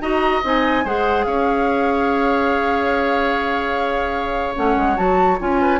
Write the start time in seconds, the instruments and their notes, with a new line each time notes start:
0.00 bassoon D#4, clarinet F#4, oboe D#5, flute A#5
0.44 bassoon C4, clarinet D#4, flute G#5
0.84 bassoon G#3, clarinet G#4, oboe C5, flute F#5
1.24 bassoon C#4, oboe C#5, flute F5
4.56 bassoon A3, clarinet C#4, flute F#5
4.76 bassoon G#3
4.97 bassoon F#3, clarinet F#4, flute A5
5.39 bassoon C#4, clarinet F4, flute G#5
5.61 oboe B4